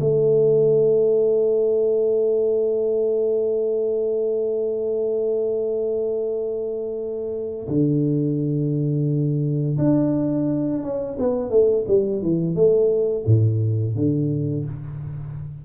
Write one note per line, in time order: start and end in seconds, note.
0.00 7.67 A3
7.68 9.78 D3
9.78 10.83 D4
10.83 11.18 C#4
11.19 11.50 B3
11.50 11.85 A3
11.88 12.22 G3
12.22 12.55 E3
12.55 13.25 A3
13.26 13.95 A2
13.95 14.65 D3